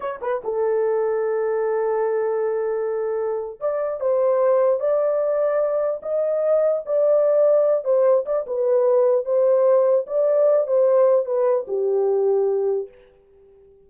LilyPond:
\new Staff \with { instrumentName = "horn" } { \time 4/4 \tempo 4 = 149 cis''8 b'8 a'2.~ | a'1~ | a'4 d''4 c''2 | d''2. dis''4~ |
dis''4 d''2~ d''8 c''8~ | c''8 d''8 b'2 c''4~ | c''4 d''4. c''4. | b'4 g'2. | }